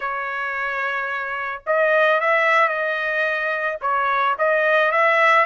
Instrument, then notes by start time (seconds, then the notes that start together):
trumpet
0.00 C#5
1.66 D#5
2.20 E5
2.68 D#5
3.81 C#5
4.38 D#5
4.91 E5